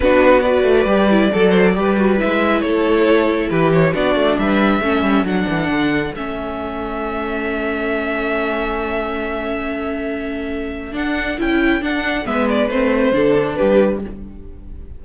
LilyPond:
<<
  \new Staff \with { instrumentName = "violin" } { \time 4/4 \tempo 4 = 137 b'4 d''2.~ | d''4 e''4 cis''2 | b'8 cis''8 d''4 e''2 | fis''2 e''2~ |
e''1~ | e''1~ | e''4 fis''4 g''4 fis''4 | e''8 d''8 c''2 b'4 | }
  \new Staff \with { instrumentName = "violin" } { \time 4/4 fis'4 b'2 a'8 c''8 | b'2 a'2 | g'4 fis'4 b'4 a'4~ | a'1~ |
a'1~ | a'1~ | a'1 | b'2 a'4 g'4 | }
  \new Staff \with { instrumentName = "viola" } { \time 4/4 d'4 fis'4 g'8 e'8 a'4 | g'8 fis'8 e'2.~ | e'4 d'2 cis'4 | d'2 cis'2~ |
cis'1~ | cis'1~ | cis'4 d'4 e'4 d'4 | b4 c'4 d'2 | }
  \new Staff \with { instrumentName = "cello" } { \time 4/4 b4. a8 g4 fis4 | g4 gis4 a2 | e4 b8 a8 g4 a8 g8 | fis8 e8 d4 a2~ |
a1~ | a1~ | a4 d'4 cis'4 d'4 | gis4 a4 d4 g4 | }
>>